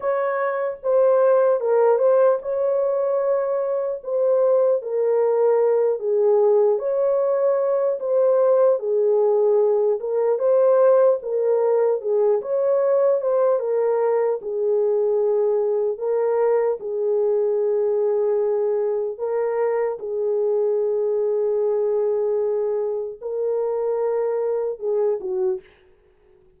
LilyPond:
\new Staff \with { instrumentName = "horn" } { \time 4/4 \tempo 4 = 75 cis''4 c''4 ais'8 c''8 cis''4~ | cis''4 c''4 ais'4. gis'8~ | gis'8 cis''4. c''4 gis'4~ | gis'8 ais'8 c''4 ais'4 gis'8 cis''8~ |
cis''8 c''8 ais'4 gis'2 | ais'4 gis'2. | ais'4 gis'2.~ | gis'4 ais'2 gis'8 fis'8 | }